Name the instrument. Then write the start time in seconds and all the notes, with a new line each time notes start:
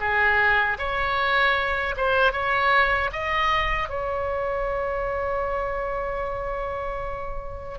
oboe
0.00 G#4
0.79 C#5
1.97 C5
2.32 C#5
3.12 D#5
3.89 C#5